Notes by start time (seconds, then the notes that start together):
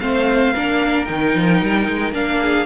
0.00 A3 C4 C5 F5
0.54 A#3 D4 A#4
1.05 D#3 D#4 G5
1.35 F3
1.62 G3
1.89 G#3
2.12 A#3 D4 F5
2.41 G#4